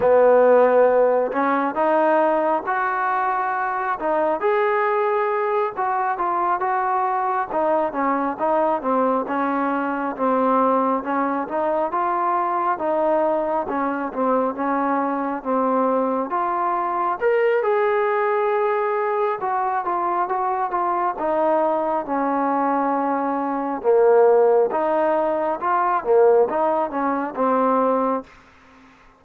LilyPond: \new Staff \with { instrumentName = "trombone" } { \time 4/4 \tempo 4 = 68 b4. cis'8 dis'4 fis'4~ | fis'8 dis'8 gis'4. fis'8 f'8 fis'8~ | fis'8 dis'8 cis'8 dis'8 c'8 cis'4 c'8~ | c'8 cis'8 dis'8 f'4 dis'4 cis'8 |
c'8 cis'4 c'4 f'4 ais'8 | gis'2 fis'8 f'8 fis'8 f'8 | dis'4 cis'2 ais4 | dis'4 f'8 ais8 dis'8 cis'8 c'4 | }